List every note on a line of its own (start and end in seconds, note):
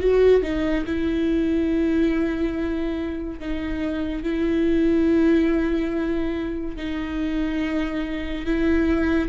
0.00 0.42 F#4
0.42 0.85 D#4
0.86 3.40 E4
3.40 4.23 D#4
4.23 6.76 E4
6.76 8.45 D#4
8.45 9.28 E4